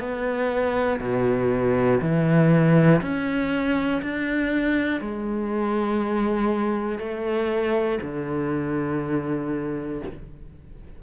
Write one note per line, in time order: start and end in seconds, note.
0.00 1.00 B3
1.01 2.01 B2
2.02 3.02 E3
3.02 4.02 C#4
4.03 5.01 D4
5.01 7.00 G#3
7.00 8.00 A3
8.03 10.03 D3